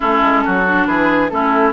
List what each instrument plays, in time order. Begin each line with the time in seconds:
0.00 bassoon A3, clarinet C#4, oboe E4, flute A4
0.22 bassoon G#3
0.44 bassoon F#3, oboe F#4
0.66 clarinet D4
0.85 bassoon E3, oboe G#4, flute B4
1.29 bassoon A3, clarinet C#4, oboe E4, flute A4